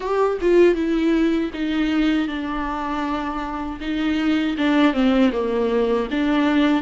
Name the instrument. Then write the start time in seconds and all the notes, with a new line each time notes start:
viola
0.00 G4
0.41 F4
0.74 E4
1.53 D#4
2.27 D4
3.80 D#4
4.57 D4
4.93 C4
5.32 A#3
6.10 D4